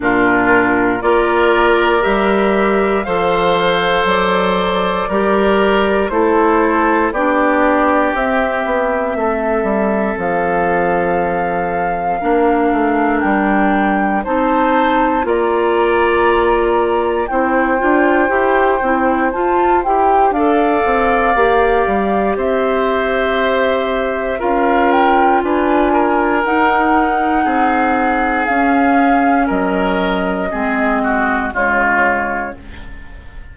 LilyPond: <<
  \new Staff \with { instrumentName = "flute" } { \time 4/4 \tempo 4 = 59 ais'4 d''4 e''4 f''4 | d''2 c''4 d''4 | e''2 f''2~ | f''4 g''4 a''4 ais''4~ |
ais''4 g''2 a''8 g''8 | f''2 e''2 | f''8 g''8 gis''4 fis''2 | f''4 dis''2 cis''4 | }
  \new Staff \with { instrumentName = "oboe" } { \time 4/4 f'4 ais'2 c''4~ | c''4 ais'4 a'4 g'4~ | g'4 a'2. | ais'2 c''4 d''4~ |
d''4 c''2. | d''2 c''2 | ais'4 b'8 ais'4. gis'4~ | gis'4 ais'4 gis'8 fis'8 f'4 | }
  \new Staff \with { instrumentName = "clarinet" } { \time 4/4 d'4 f'4 g'4 a'4~ | a'4 g'4 e'4 d'4 | c'1 | d'2 dis'4 f'4~ |
f'4 e'8 f'8 g'8 e'8 f'8 g'8 | a'4 g'2. | f'2 dis'2 | cis'2 c'4 gis4 | }
  \new Staff \with { instrumentName = "bassoon" } { \time 4/4 ais,4 ais4 g4 f4 | fis4 g4 a4 b4 | c'8 b8 a8 g8 f2 | ais8 a8 g4 c'4 ais4~ |
ais4 c'8 d'8 e'8 c'8 f'8 e'8 | d'8 c'8 ais8 g8 c'2 | cis'4 d'4 dis'4 c'4 | cis'4 fis4 gis4 cis4 | }
>>